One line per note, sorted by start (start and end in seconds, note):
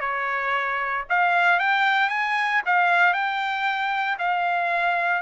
0.00 1.04 C#5
1.09 1.59 F5
1.59 2.09 G5
2.09 2.61 G#5
2.66 3.13 F5
3.13 4.18 G5
4.18 5.22 F5